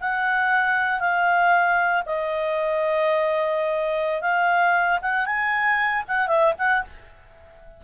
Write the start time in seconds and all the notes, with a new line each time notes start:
0.00 F#5
1.00 F5
2.06 D#5
4.22 F5
5.02 F#5
5.26 G#5
6.08 F#5
6.28 E5
6.58 F#5